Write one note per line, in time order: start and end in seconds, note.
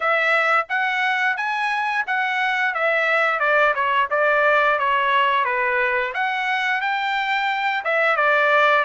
0.00 0.67 E5
0.68 1.36 F#5
1.36 2.05 G#5
2.06 2.74 F#5
2.74 3.39 E5
3.39 3.73 D5
3.74 4.08 C#5
4.10 4.78 D5
4.79 5.45 C#5
5.45 6.13 B4
6.14 6.81 F#5
6.81 7.83 G5
7.84 8.16 E5
8.16 8.84 D5